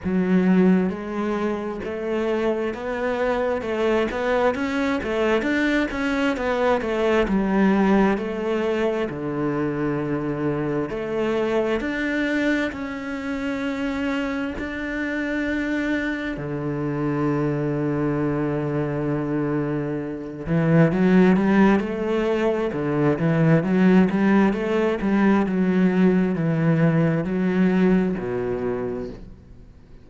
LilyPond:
\new Staff \with { instrumentName = "cello" } { \time 4/4 \tempo 4 = 66 fis4 gis4 a4 b4 | a8 b8 cis'8 a8 d'8 cis'8 b8 a8 | g4 a4 d2 | a4 d'4 cis'2 |
d'2 d2~ | d2~ d8 e8 fis8 g8 | a4 d8 e8 fis8 g8 a8 g8 | fis4 e4 fis4 b,4 | }